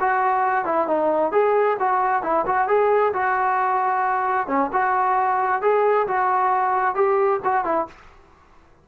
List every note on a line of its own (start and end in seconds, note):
0.00 0.65 F#4
0.65 0.87 E4
0.87 1.31 D#4
1.31 1.77 G#4
1.79 2.22 F#4
2.22 2.45 E4
2.46 2.67 F#4
2.67 3.12 G#4
3.13 4.47 F#4
4.47 4.70 C#4
4.72 5.61 F#4
5.61 6.07 G#4
6.07 6.95 F#4
6.95 7.40 G4
7.44 7.64 F#4
7.64 7.87 E4